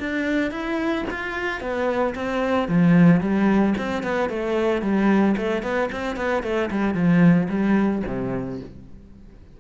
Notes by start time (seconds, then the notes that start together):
0.00 D4
0.51 E4
1.10 F4
1.61 B3
2.15 C4
2.68 F3
3.21 G3
3.78 C4
4.03 B3
4.29 A3
4.82 G3
5.37 A3
5.63 B3
5.92 C4
6.16 B3
6.43 A3
6.71 G3
6.94 F3
7.49 G3
8.06 C3